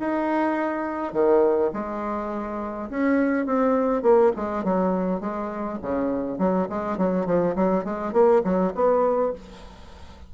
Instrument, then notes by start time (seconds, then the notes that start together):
bassoon
0.00 D#4
1.13 D#3
1.73 G#3
2.90 C#4
3.46 C4
4.03 A#3
4.36 G#3
4.64 F#3
5.21 G#3
5.82 C#3
6.39 F#3
6.69 G#3
6.98 F#3
7.26 F3
7.56 F#3
7.85 G#3
8.13 A#3
8.44 F#3
8.75 B3